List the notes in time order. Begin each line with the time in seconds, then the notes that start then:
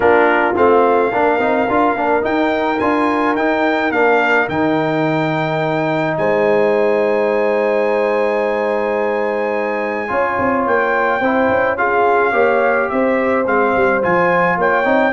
0.00 A#3 D4 F4 A#4
0.56 A3 C4 F5
1.10 A#3 D4 A#4
1.38 C4 D#4
1.69 D4 F4
1.95 A#3 D4
2.21 D#4 G5
2.79 D4 F4 G#5
3.34 D#4 G5
3.91 A#3 D4 F5
4.48 D#3 D#4 G5
6.17 G#3 C5 G#5
10.07 C#4 F4 C#5
10.38 C4
10.66 A#3 G5
11.20 C4 E4 C5
11.48 C#4
11.77 F4 G#4 F5
12.32 A#3 G4 C#5
12.89 C4 C5 E5
13.46 G#3 C4 F5
13.75 G3
14.02 F3 F4 G#5
14.57 A#3 C#5 G5
14.84 C4 D#4